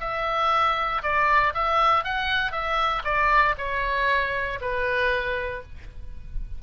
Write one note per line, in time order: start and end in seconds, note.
0.00 1.02 E5
1.02 1.53 D5
1.54 2.04 E5
2.04 2.51 F#5
2.51 3.02 E5
3.04 3.55 D5
3.57 4.59 C#5
4.61 5.62 B4